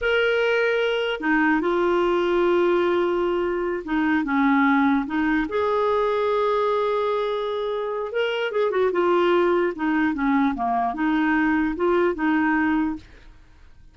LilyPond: \new Staff \with { instrumentName = "clarinet" } { \time 4/4 \tempo 4 = 148 ais'2. dis'4 | f'1~ | f'4. dis'4 cis'4.~ | cis'8 dis'4 gis'2~ gis'8~ |
gis'1 | ais'4 gis'8 fis'8 f'2 | dis'4 cis'4 ais4 dis'4~ | dis'4 f'4 dis'2 | }